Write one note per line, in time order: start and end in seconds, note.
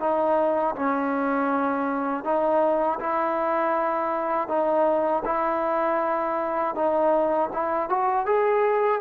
0.00 0.75 D#4
0.75 2.24 C#4
2.24 2.99 D#4
3.00 4.48 E4
4.48 5.23 D#4
5.25 6.75 E4
6.75 7.50 D#4
7.53 7.90 E4
7.90 8.26 F#4
8.26 9.01 G#4